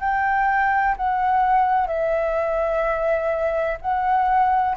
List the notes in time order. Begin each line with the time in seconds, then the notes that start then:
0.00 G5
0.97 F#5
1.87 E5
3.81 F#5